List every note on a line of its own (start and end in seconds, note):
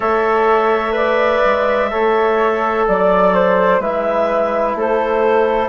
0.00 1.43 A3
0.00 0.92 A4
0.00 0.94 C#5
0.00 2.86 E5
0.92 1.87 B4
0.92 1.90 D5
1.44 1.92 G#3
1.90 2.88 A3
1.90 3.80 A4
1.90 2.87 C#5
2.87 3.79 F#3
2.87 3.34 D5
2.87 3.81 D5
3.34 3.81 C5
3.79 4.74 G#3
3.79 5.68 E4
3.79 4.76 B4
3.79 4.76 E5
4.74 5.68 A3
4.74 5.68 A4
4.74 5.68 C5